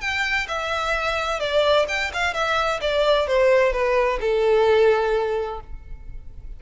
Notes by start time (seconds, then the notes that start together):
0.00 G5
0.48 E5
1.40 D5
1.88 G5
2.13 F5
2.33 E5
2.81 D5
3.27 C5
3.72 B4
4.20 A4